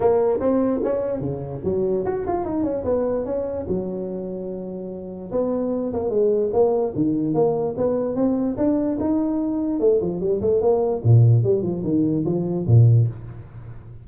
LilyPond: \new Staff \with { instrumentName = "tuba" } { \time 4/4 \tempo 4 = 147 ais4 c'4 cis'4 cis4 | fis4 fis'8 f'8 dis'8 cis'8 b4 | cis'4 fis2.~ | fis4 b4. ais8 gis4 |
ais4 dis4 ais4 b4 | c'4 d'4 dis'2 | a8 f8 g8 a8 ais4 ais,4 | g8 f8 dis4 f4 ais,4 | }